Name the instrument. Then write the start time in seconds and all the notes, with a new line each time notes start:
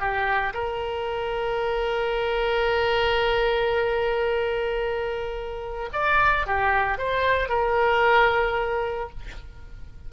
oboe
0.00 G4
0.54 A#4
5.93 D5
6.47 G4
6.98 C5
7.49 A#4